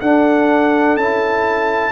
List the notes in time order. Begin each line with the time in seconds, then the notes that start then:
0.00 D4 A4 F#5
0.96 C#4 E4 A5